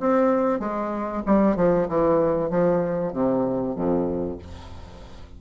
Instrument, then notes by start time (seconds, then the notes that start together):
bassoon
0.00 C4
0.59 G#3
1.26 G3
1.56 F3
1.88 E3
2.50 F3
3.13 C3
3.76 F2